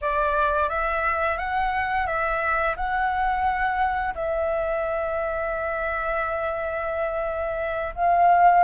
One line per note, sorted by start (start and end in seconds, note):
0.01 0.69 D5
0.69 1.38 E5
1.38 2.06 F#5
2.06 2.75 E5
2.76 4.14 F#5
4.14 7.93 E5
7.95 8.63 F5